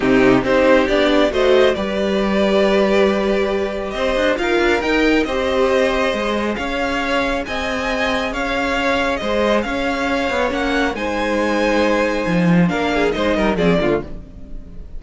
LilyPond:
<<
  \new Staff \with { instrumentName = "violin" } { \time 4/4 \tempo 4 = 137 g'4 c''4 d''4 dis''4 | d''1~ | d''4 dis''4 f''4 g''4 | dis''2. f''4~ |
f''4 gis''2 f''4~ | f''4 dis''4 f''2 | fis''4 gis''2.~ | gis''4 f''4 dis''4 d''4 | }
  \new Staff \with { instrumentName = "violin" } { \time 4/4 dis'4 g'2 c''4 | b'1~ | b'4 c''4 ais'2 | c''2. cis''4~ |
cis''4 dis''2 cis''4~ | cis''4 c''4 cis''2~ | cis''4 c''2.~ | c''4 ais'8 gis'8 c''8 ais'8 gis'8 f'8 | }
  \new Staff \with { instrumentName = "viola" } { \time 4/4 c'4 dis'4 d'4 fis'4 | g'1~ | g'2 f'4 dis'4 | g'2 gis'2~ |
gis'1~ | gis'1 | cis'4 dis'2.~ | dis'4 d'4 dis'4 c'8 b16 a16 | }
  \new Staff \with { instrumentName = "cello" } { \time 4/4 c4 c'4 b4 a4 | g1~ | g4 c'8 d'8 dis'8 d'8 dis'4 | c'2 gis4 cis'4~ |
cis'4 c'2 cis'4~ | cis'4 gis4 cis'4. b8 | ais4 gis2. | f4 ais4 gis8 g8 f8 d8 | }
>>